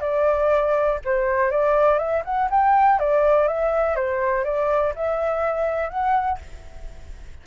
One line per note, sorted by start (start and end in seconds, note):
0.00 0.98 D5
1.04 1.50 C5
1.50 1.98 D5
1.98 2.22 E5
2.24 2.49 F#5
2.50 2.99 G5
2.99 3.47 D5
3.47 3.95 E5
3.95 4.44 C5
4.44 4.93 D5
4.95 5.89 E5
5.89 6.38 F#5